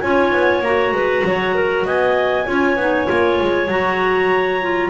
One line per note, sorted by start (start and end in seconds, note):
0.00 0.32 C#4
0.00 0.63 F4
0.00 0.94 C#5
0.00 0.61 G#5
0.32 0.60 B3
0.60 0.91 A#3
0.60 2.46 F#4
0.60 1.85 A#5
0.91 1.22 G#3
0.91 1.25 B4
1.24 1.85 F#3
1.24 1.55 C#5
1.55 1.85 A#4
1.85 2.46 B3
1.85 2.45 D#5
1.85 3.70 G#5
2.45 2.76 C#4
2.45 2.76 F4
2.45 4.90 C#5
2.76 3.07 B3
2.76 3.05 D#4
3.05 3.40 A#3
3.05 3.66 F4
3.41 3.68 G#3
3.68 4.90 F#3
3.68 4.61 F#4
3.68 4.90 A#5
4.61 4.90 F4